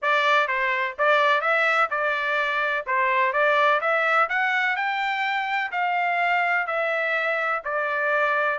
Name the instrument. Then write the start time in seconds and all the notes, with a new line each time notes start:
trumpet
0.02 D5
0.47 C5
0.98 D5
1.41 E5
1.90 D5
2.86 C5
3.32 D5
3.81 E5
4.29 F#5
4.76 G5
5.71 F5
6.66 E5
7.64 D5